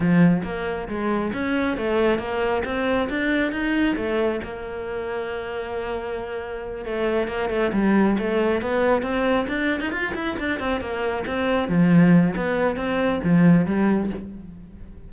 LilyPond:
\new Staff \with { instrumentName = "cello" } { \time 4/4 \tempo 4 = 136 f4 ais4 gis4 cis'4 | a4 ais4 c'4 d'4 | dis'4 a4 ais2~ | ais2.~ ais8 a8~ |
a8 ais8 a8 g4 a4 b8~ | b8 c'4 d'8. dis'16 f'8 e'8 d'8 | c'8 ais4 c'4 f4. | b4 c'4 f4 g4 | }